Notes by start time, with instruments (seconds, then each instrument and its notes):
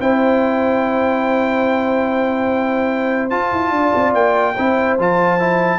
0.00 tuba C4, trombone E4, horn C5, trumpet G5
3.30 trombone F4, tuba F4, trumpet A5
3.52 tuba E4
3.71 tuba D4, horn D5
3.95 tuba C4
4.14 tuba A#3, trumpet G5
4.55 tuba C4, trombone E4, horn C5
4.98 tuba F3, trombone F4, trumpet A5
5.39 trombone E4